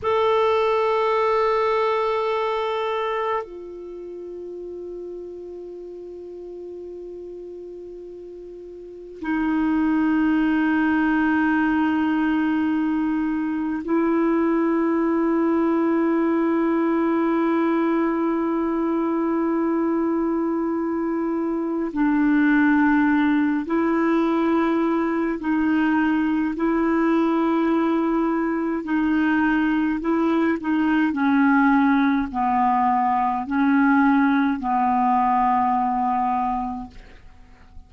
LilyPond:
\new Staff \with { instrumentName = "clarinet" } { \time 4/4 \tempo 4 = 52 a'2. f'4~ | f'1 | dis'1 | e'1~ |
e'2. d'4~ | d'8 e'4. dis'4 e'4~ | e'4 dis'4 e'8 dis'8 cis'4 | b4 cis'4 b2 | }